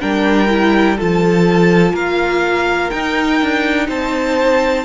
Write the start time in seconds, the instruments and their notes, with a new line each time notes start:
0.00 cello G3, viola D4, violin A#4 G5
0.49 viola E4
0.98 cello F3, viola F4, violin A4 A5
1.93 cello A#3, violin A#4 F5
2.90 viola D#4, cello D#4, violin G5
3.42 cello D4
3.89 cello C4, violin C5 A5